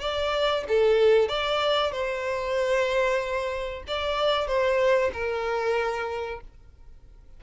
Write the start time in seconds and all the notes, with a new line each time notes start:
0.00 D5
0.68 A4
1.29 D5
1.91 C5
3.87 D5
4.47 C5
5.13 A#4